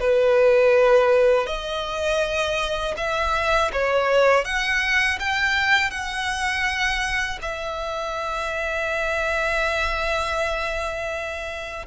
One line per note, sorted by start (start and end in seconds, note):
0.00 1.47 B4
1.47 2.95 D#5
2.97 3.71 E5
3.73 4.45 C#5
4.45 5.19 F#5
5.20 5.91 G5
5.91 7.39 F#5
7.42 11.87 E5